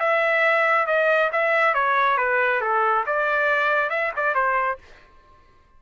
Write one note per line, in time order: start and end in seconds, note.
0.00 0.87 E5
0.87 1.31 D#5
1.32 1.75 E5
1.75 2.18 C#5
2.18 2.61 B4
2.61 3.05 A4
3.07 3.90 D5
3.90 4.12 E5
4.16 4.35 D5
4.35 4.79 C5